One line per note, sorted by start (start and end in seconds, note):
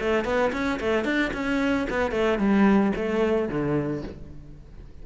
0.00 0.24 A3
0.24 0.51 B3
0.52 0.79 C#4
0.80 1.04 A3
1.04 1.31 D4
1.33 1.87 C#4
1.89 2.11 B3
2.11 2.38 A3
2.38 2.92 G3
2.96 3.48 A3
3.48 4.02 D3